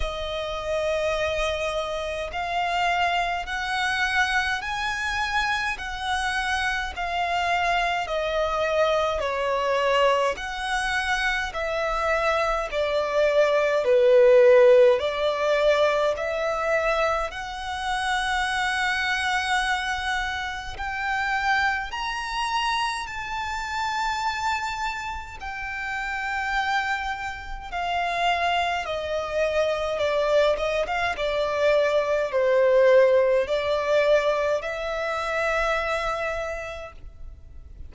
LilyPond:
\new Staff \with { instrumentName = "violin" } { \time 4/4 \tempo 4 = 52 dis''2 f''4 fis''4 | gis''4 fis''4 f''4 dis''4 | cis''4 fis''4 e''4 d''4 | b'4 d''4 e''4 fis''4~ |
fis''2 g''4 ais''4 | a''2 g''2 | f''4 dis''4 d''8 dis''16 f''16 d''4 | c''4 d''4 e''2 | }